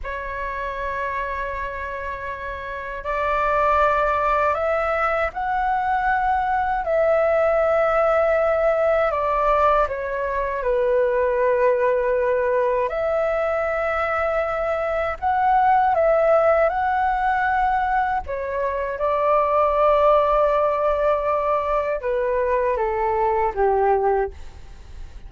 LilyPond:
\new Staff \with { instrumentName = "flute" } { \time 4/4 \tempo 4 = 79 cis''1 | d''2 e''4 fis''4~ | fis''4 e''2. | d''4 cis''4 b'2~ |
b'4 e''2. | fis''4 e''4 fis''2 | cis''4 d''2.~ | d''4 b'4 a'4 g'4 | }